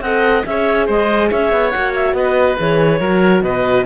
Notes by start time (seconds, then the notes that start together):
0.00 C4 A4 D#5 F#5
0.45 C#4 G#4 C#5 E5
0.86 G#3 C5 D#5
1.30 C#4 C#5 E5
1.52 B3
1.70 A#3 F#4 F#5
1.95 E5
2.12 B3 B4 D#5
2.58 E3 G#4 C#5
3.00 F#3 F#4 A#4
3.41 B2 B4 D#5